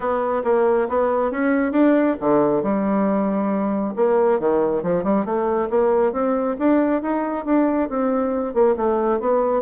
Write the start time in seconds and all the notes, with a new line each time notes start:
0.00 B3
0.44 A#3
0.88 B3
1.31 C#4
1.72 D4
2.20 D3
2.62 G3
3.96 A#3
4.39 D#3
4.82 F3
5.03 G3
5.25 A3
5.70 A#3
6.12 C4
6.59 D4
7.02 D#4
7.45 D4
7.89 C4
8.53 A#3
8.76 A3
9.20 B3